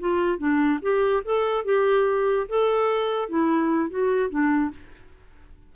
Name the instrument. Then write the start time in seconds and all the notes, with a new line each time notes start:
clarinet
0.00 F4
0.38 D4
0.82 G4
1.25 A4
1.65 G4
2.49 A4
3.29 E4
3.90 F#4
4.30 D4